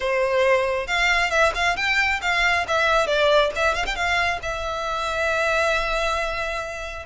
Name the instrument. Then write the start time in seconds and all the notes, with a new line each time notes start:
violin
0.00 C5
0.87 F5
1.30 E5
1.54 F5
1.76 G5
2.21 F5
2.67 E5
3.06 D5
3.55 E5
3.74 F5
3.86 G5
3.95 F5
4.42 E5